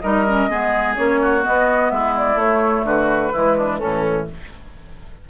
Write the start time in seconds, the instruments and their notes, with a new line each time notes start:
0.00 bassoon G3, clarinet D#4, oboe A#4, flute D#5
0.27 clarinet C#4
0.49 bassoon G#3, clarinet B3, oboe G#4
0.96 bassoon A#3, clarinet C#4, flute C#5
1.21 oboe F#4
1.41 clarinet B3, flute D#5
1.48 bassoon B3
1.90 bassoon G#3, oboe E4, flute E5
2.17 flute D5
2.35 bassoon A3, clarinet A3, flute C#5
2.84 bassoon D3, oboe F#4, flute B4
3.32 bassoon E3, clarinet G#3, oboe E4
3.57 oboe D4
3.78 bassoon A2, clarinet E3, oboe C#4, flute A4